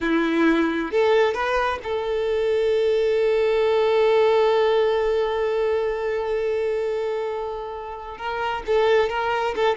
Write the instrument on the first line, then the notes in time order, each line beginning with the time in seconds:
violin
0.01 E4
0.91 A4
1.33 B4
1.83 A4
8.17 A#4
8.66 A4
9.09 A#4
9.55 A4